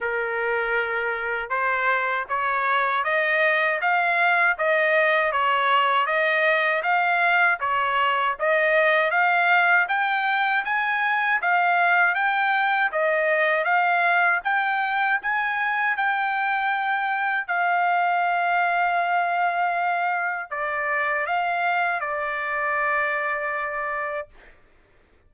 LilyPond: \new Staff \with { instrumentName = "trumpet" } { \time 4/4 \tempo 4 = 79 ais'2 c''4 cis''4 | dis''4 f''4 dis''4 cis''4 | dis''4 f''4 cis''4 dis''4 | f''4 g''4 gis''4 f''4 |
g''4 dis''4 f''4 g''4 | gis''4 g''2 f''4~ | f''2. d''4 | f''4 d''2. | }